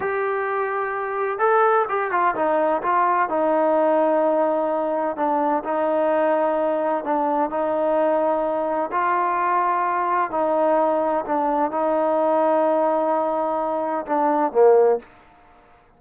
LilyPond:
\new Staff \with { instrumentName = "trombone" } { \time 4/4 \tempo 4 = 128 g'2. a'4 | g'8 f'8 dis'4 f'4 dis'4~ | dis'2. d'4 | dis'2. d'4 |
dis'2. f'4~ | f'2 dis'2 | d'4 dis'2.~ | dis'2 d'4 ais4 | }